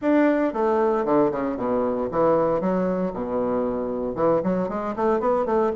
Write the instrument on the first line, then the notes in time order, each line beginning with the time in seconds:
bassoon
0.01 D4
0.53 A3
1.05 D3
1.31 C#3
1.56 B2
2.11 E3
2.60 F#3
3.13 B2
4.15 E3
4.43 F#3
4.68 G#3
4.96 A3
5.19 B3
5.45 A3